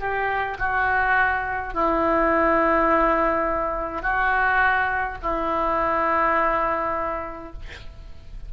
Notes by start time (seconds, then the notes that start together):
0.00 G4
0.59 F#4
1.74 E4
4.03 F#4
5.22 E4